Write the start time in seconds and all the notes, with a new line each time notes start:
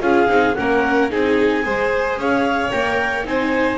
0.00 C#4 F4 G#4 F5
0.27 C4 D#4
0.55 A#3 C#4 A#4 F#5
1.09 C4 D#4 G#4 G#5
1.63 G#3 G#4 C5
2.17 C#4 C#5 F5
2.71 A#3 A#4 G5
3.24 C4 D#4 C5 G#5